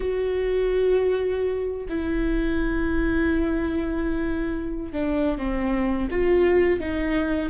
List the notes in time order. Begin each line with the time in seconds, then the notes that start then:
0.00 F#4
1.88 E4
4.92 D4
5.38 C4
6.10 F4
6.80 D#4